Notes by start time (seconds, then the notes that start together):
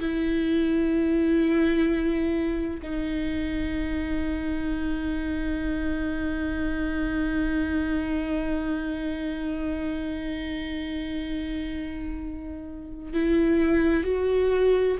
0.00 E4
2.83 D#4
13.14 E4
14.04 F#4